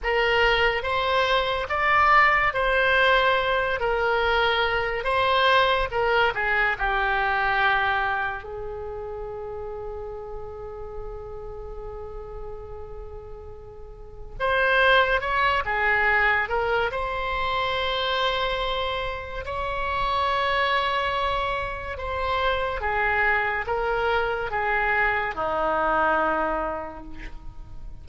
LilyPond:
\new Staff \with { instrumentName = "oboe" } { \time 4/4 \tempo 4 = 71 ais'4 c''4 d''4 c''4~ | c''8 ais'4. c''4 ais'8 gis'8 | g'2 gis'2~ | gis'1~ |
gis'4 c''4 cis''8 gis'4 ais'8 | c''2. cis''4~ | cis''2 c''4 gis'4 | ais'4 gis'4 dis'2 | }